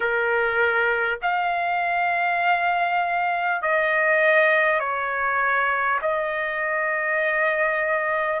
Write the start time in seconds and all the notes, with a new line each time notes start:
0.00 A#4
1.22 F5
3.62 D#5
4.79 C#5
6.01 D#5